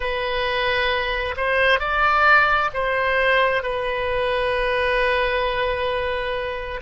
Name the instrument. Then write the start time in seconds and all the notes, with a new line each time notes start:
oboe
0.00 B4
1.36 C5
1.79 D5
2.73 C5
3.62 B4